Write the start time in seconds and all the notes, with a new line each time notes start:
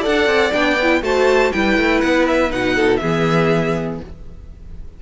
0.00 A4 D5 F#5
0.06 D4
0.26 C4
0.51 B3 D4 G5
0.82 E4
1.01 A3 F#4 C5 A5
1.52 G3 E4 B4 G5
1.77 A3
2.01 B3 F#5
2.27 E5
2.49 B2 D#4 F#5
2.75 A4
2.97 E3 G#4 E5
3.03 B3